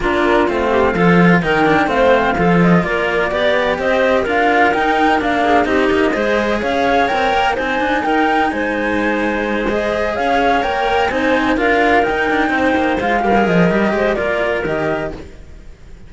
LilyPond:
<<
  \new Staff \with { instrumentName = "flute" } { \time 4/4 \tempo 4 = 127 ais'4 f''2 g''4 | f''4. dis''8 d''2 | dis''4 f''4 g''4 f''4 | dis''2 f''4 g''4 |
gis''4 g''4 gis''2~ | gis''8 dis''4 f''4 g''4 gis''8~ | gis''8 f''4 g''2 f''8~ | f''8 dis''4. d''4 dis''4 | }
  \new Staff \with { instrumentName = "clarinet" } { \time 4/4 f'4. g'8 a'4 ais'4 | c''4 a'4 ais'4 d''4 | c''4 ais'2~ ais'8 gis'8 | g'4 c''4 cis''2 |
c''4 ais'4 c''2~ | c''4. cis''2 c''8~ | c''8 ais'2 c''4. | ais'4. c''8 ais'2 | }
  \new Staff \with { instrumentName = "cello" } { \time 4/4 d'4 c'4 f'4 dis'8 d'8 | c'4 f'2 g'4~ | g'4 f'4 dis'4 d'4 | dis'4 gis'2 ais'4 |
dis'1~ | dis'8 gis'2 ais'4 dis'8~ | dis'8 f'4 dis'2 f'8 | g'16 gis'8. g'4 f'4 g'4 | }
  \new Staff \with { instrumentName = "cello" } { \time 4/4 ais4 a4 f4 dis4 | a4 f4 ais4 b4 | c'4 d'4 dis'4 ais4 | c'8 ais8 gis4 cis'4 c'8 ais8 |
c'8 d'8 dis'4 gis2~ | gis4. cis'4 ais4 c'8~ | c'8 d'4 dis'8 d'8 c'8 ais8 gis8 | g8 f8 g8 gis8 ais4 dis4 | }
>>